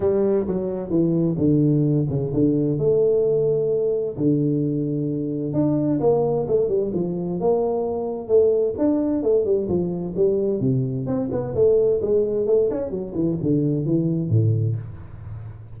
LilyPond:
\new Staff \with { instrumentName = "tuba" } { \time 4/4 \tempo 4 = 130 g4 fis4 e4 d4~ | d8 cis8 d4 a2~ | a4 d2. | d'4 ais4 a8 g8 f4 |
ais2 a4 d'4 | a8 g8 f4 g4 c4 | c'8 b8 a4 gis4 a8 cis'8 | fis8 e8 d4 e4 a,4 | }